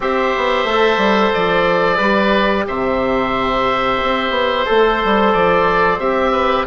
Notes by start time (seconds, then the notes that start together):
0.00 C4 G4 C5 E5
0.36 B3
0.64 A3 A4
0.97 G3
1.33 F3 D5
1.97 G3 G4 B4
2.67 C3 C5 E5
4.02 C4
4.30 B3
4.65 A3 A4 C5
5.04 G3
5.32 F3 D5
5.99 C4 G4 E5
6.32 B4